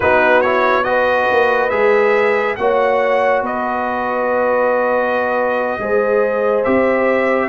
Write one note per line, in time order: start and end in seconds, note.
0.00 1.26 B3
0.00 0.44 D#4
0.00 0.85 F#4
0.00 0.41 B4
0.41 0.84 E4
0.41 0.84 C#5
0.84 1.70 F#4
0.84 2.59 B4
0.84 1.69 D#5
1.30 1.71 A#3
1.69 2.57 G#3
1.69 2.56 G#4
1.69 2.55 E5
2.56 3.41 A#3
2.56 5.79 F#4
2.56 3.44 C#5
2.56 3.41 F#5
3.41 5.77 B3
3.41 5.79 B4
3.41 6.63 D#5
5.78 6.64 G#3
5.78 6.65 G#4
5.78 7.49 C5
6.63 7.49 C4
6.63 7.49 G4
6.63 7.49 E5